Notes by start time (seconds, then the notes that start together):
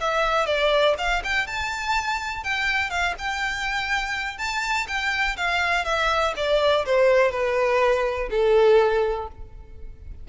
0.00 E5
0.45 D5
0.98 F5
1.24 G5
1.47 A5
2.43 G5
2.90 F5
3.18 G5
4.38 A5
4.87 G5
5.36 F5
5.84 E5
6.36 D5
6.85 C5
7.31 B4
8.30 A4